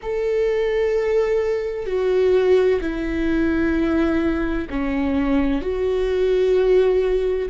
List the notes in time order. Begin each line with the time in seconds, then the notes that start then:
0.02 A4
1.86 F#4
2.80 E4
4.70 C#4
5.61 F#4